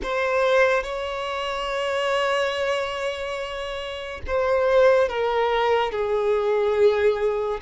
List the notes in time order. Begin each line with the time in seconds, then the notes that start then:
0.02 C5
0.83 C#5
4.26 C5
5.09 A#4
5.91 G#4